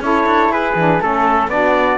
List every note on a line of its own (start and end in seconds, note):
0.00 0.25 C#4
0.00 0.76 E4
0.00 0.52 A4
0.00 0.52 C#5
0.26 0.49 D4
0.49 0.74 E4
0.49 1.00 G#4
0.49 1.01 B4
0.75 0.99 E3
0.75 1.00 D4
1.00 1.47 A3
1.00 1.49 C#4
1.00 1.50 A4
1.00 1.49 A4
1.47 1.97 B3
1.47 1.98 D4
1.47 1.98 F#4
1.47 1.98 D5